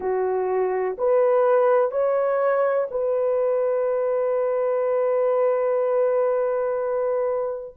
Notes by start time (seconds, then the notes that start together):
0.00 F#4
0.98 B4
1.91 C#5
2.90 B4